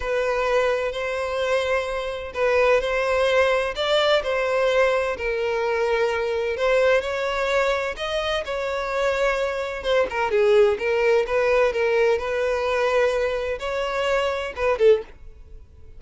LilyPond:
\new Staff \with { instrumentName = "violin" } { \time 4/4 \tempo 4 = 128 b'2 c''2~ | c''4 b'4 c''2 | d''4 c''2 ais'4~ | ais'2 c''4 cis''4~ |
cis''4 dis''4 cis''2~ | cis''4 c''8 ais'8 gis'4 ais'4 | b'4 ais'4 b'2~ | b'4 cis''2 b'8 a'8 | }